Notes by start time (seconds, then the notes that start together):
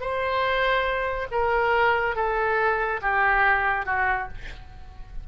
0.00 C5
1.31 A#4
2.15 A4
3.01 G4
3.85 F#4